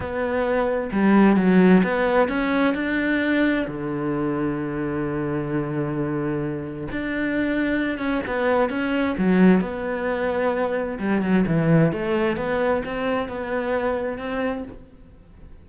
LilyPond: \new Staff \with { instrumentName = "cello" } { \time 4/4 \tempo 4 = 131 b2 g4 fis4 | b4 cis'4 d'2 | d1~ | d2. d'4~ |
d'4. cis'8 b4 cis'4 | fis4 b2. | g8 fis8 e4 a4 b4 | c'4 b2 c'4 | }